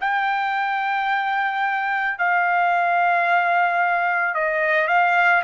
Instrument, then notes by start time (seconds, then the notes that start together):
trumpet
0.00 G5
2.18 F5
4.34 D#5
4.87 F5